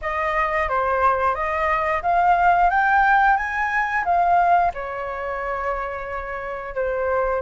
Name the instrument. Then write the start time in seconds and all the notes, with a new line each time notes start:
flute
0.01 D#5
0.69 C5
1.34 D#5
2.02 F5
2.70 G5
3.36 G#5
4.04 F5
4.73 C#5
6.74 C5